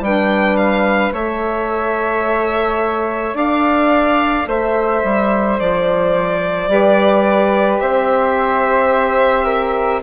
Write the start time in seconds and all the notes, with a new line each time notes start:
0.00 G3 D4 B4 G5
0.56 F5
1.12 A3 A4 C#5 E5
3.34 D4 D5 F5
4.47 A3 C5 E5
5.03 G3
5.59 F3 D5
6.67 G3 G4 B4
7.80 C4 C5 E5
9.44 A#4